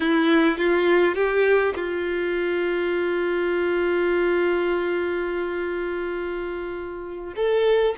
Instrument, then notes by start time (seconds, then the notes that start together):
violin
0.00 E4
0.57 F4
1.14 G4
1.75 F4
7.36 A4